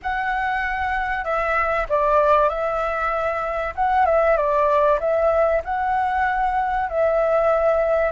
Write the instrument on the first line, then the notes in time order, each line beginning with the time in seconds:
flute
0.02 F#5
1.24 E5
1.89 D5
2.49 E5
3.75 F#5
4.05 E5
4.36 D5
5.00 E5
5.64 F#5
6.89 E5